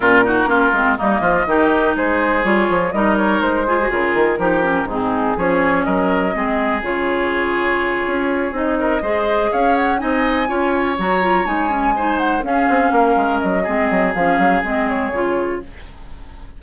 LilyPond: <<
  \new Staff \with { instrumentName = "flute" } { \time 4/4 \tempo 4 = 123 ais'2 dis''2 | c''4 cis''4 dis''8 cis''8 c''4 | ais'2 gis'4 cis''4 | dis''2 cis''2~ |
cis''4. dis''2 f''8 | fis''8 gis''2 ais''4 gis''8~ | gis''4 fis''8 f''2 dis''8~ | dis''4 f''4 dis''8 cis''4. | }
  \new Staff \with { instrumentName = "oboe" } { \time 4/4 f'8 fis'8 f'4 dis'8 f'8 g'4 | gis'2 ais'4. gis'8~ | gis'4 g'4 dis'4 gis'4 | ais'4 gis'2.~ |
gis'2 ais'8 c''4 cis''8~ | cis''8 dis''4 cis''2~ cis''8~ | cis''8 c''4 gis'4 ais'4. | gis'1 | }
  \new Staff \with { instrumentName = "clarinet" } { \time 4/4 cis'8 dis'8 cis'8 c'8 ais4 dis'4~ | dis'4 f'4 dis'4. f'16 fis'16 | f'4 dis'8 cis'8 c'4 cis'4~ | cis'4 c'4 f'2~ |
f'4. dis'4 gis'4.~ | gis'8 dis'4 f'4 fis'8 f'8 dis'8 | cis'8 dis'4 cis'2~ cis'8 | c'4 cis'4 c'4 f'4 | }
  \new Staff \with { instrumentName = "bassoon" } { \time 4/4 ais,4 ais8 gis8 g8 f8 dis4 | gis4 g8 f8 g4 gis4 | cis8 dis8 f4 gis,4 f4 | fis4 gis4 cis2~ |
cis8 cis'4 c'4 gis4 cis'8~ | cis'8 c'4 cis'4 fis4 gis8~ | gis4. cis'8 c'8 ais8 gis8 fis8 | gis8 fis8 f8 fis8 gis4 cis4 | }
>>